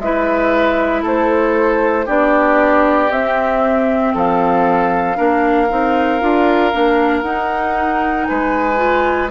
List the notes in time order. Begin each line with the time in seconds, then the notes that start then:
0.00 G#3 E4 B4 E5
1.03 A3 A4 C5
2.06 B3 D4 G4 D5
3.11 C4 E5
4.14 F3 A4 F5
5.16 A#3 D4 A#4
5.69 C4 D#4
6.21 D4 F4
6.72 A#3 D4
7.22 D#4 F#5
8.25 G#3 B4 G#5
8.77 F4